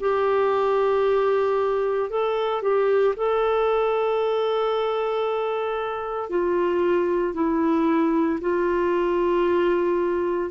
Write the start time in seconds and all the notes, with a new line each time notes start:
0.00 G4
2.10 A4
2.62 G4
3.17 A4
6.30 F4
7.34 E4
8.41 F4